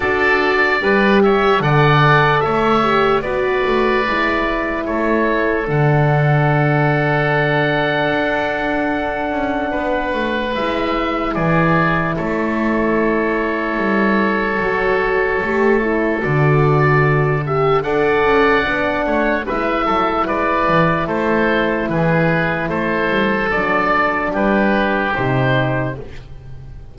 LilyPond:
<<
  \new Staff \with { instrumentName = "oboe" } { \time 4/4 \tempo 4 = 74 d''4. e''8 fis''4 e''4 | d''2 cis''4 fis''4~ | fis''1~ | fis''4 e''4 d''4 cis''4~ |
cis''1 | d''4. e''8 fis''2 | e''4 d''4 c''4 b'4 | c''4 d''4 b'4 c''4 | }
  \new Staff \with { instrumentName = "oboe" } { \time 4/4 a'4 b'8 cis''8 d''4 cis''4 | b'2 a'2~ | a'1 | b'2 gis'4 a'4~ |
a'1~ | a'2 d''4. cis''8 | b'8 a'8 b'4 a'4 gis'4 | a'2 g'2 | }
  \new Staff \with { instrumentName = "horn" } { \time 4/4 fis'4 g'4 a'4. g'8 | fis'4 e'2 d'4~ | d'1~ | d'4 e'2.~ |
e'2 fis'4 g'8 e'8 | fis'4. g'8 a'4 d'4 | e'1~ | e'4 d'2 dis'4 | }
  \new Staff \with { instrumentName = "double bass" } { \time 4/4 d'4 g4 d4 a4 | b8 a8 gis4 a4 d4~ | d2 d'4. cis'8 | b8 a8 gis4 e4 a4~ |
a4 g4 fis4 a4 | d2 d'8 cis'8 b8 a8 | gis8 fis8 gis8 e8 a4 e4 | a8 g8 fis4 g4 c4 | }
>>